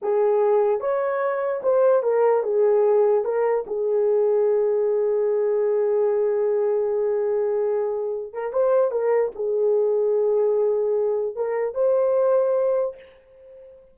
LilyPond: \new Staff \with { instrumentName = "horn" } { \time 4/4 \tempo 4 = 148 gis'2 cis''2 | c''4 ais'4 gis'2 | ais'4 gis'2.~ | gis'1~ |
gis'1~ | gis'8 ais'8 c''4 ais'4 gis'4~ | gis'1 | ais'4 c''2. | }